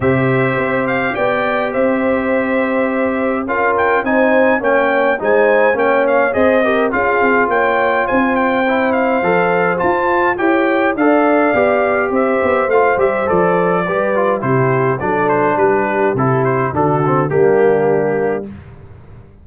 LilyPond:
<<
  \new Staff \with { instrumentName = "trumpet" } { \time 4/4 \tempo 4 = 104 e''4. f''8 g''4 e''4~ | e''2 f''8 g''8 gis''4 | g''4 gis''4 g''8 f''8 dis''4 | f''4 g''4 gis''8 g''4 f''8~ |
f''4 a''4 g''4 f''4~ | f''4 e''4 f''8 e''8 d''4~ | d''4 c''4 d''8 c''8 b'4 | a'8 c''8 a'4 g'2 | }
  \new Staff \with { instrumentName = "horn" } { \time 4/4 c''2 d''4 c''4~ | c''2 ais'4 c''4 | cis''4 c''4 cis''4 c''8 ais'8 | gis'4 cis''4 c''2~ |
c''2 cis''4 d''4~ | d''4 c''2. | b'4 g'4 a'4 g'4~ | g'4 fis'4 d'2 | }
  \new Staff \with { instrumentName = "trombone" } { \time 4/4 g'1~ | g'2 f'4 dis'4 | cis'4 dis'4 cis'4 gis'8 g'8 | f'2. e'4 |
a'4 f'4 g'4 a'4 | g'2 f'8 g'8 a'4 | g'8 f'8 e'4 d'2 | e'4 d'8 c'8 ais2 | }
  \new Staff \with { instrumentName = "tuba" } { \time 4/4 c4 c'4 b4 c'4~ | c'2 cis'4 c'4 | ais4 gis4 ais4 c'4 | cis'8 c'8 ais4 c'2 |
f4 f'4 e'4 d'4 | b4 c'8 b8 a8 g8 f4 | g4 c4 fis4 g4 | c4 d4 g2 | }
>>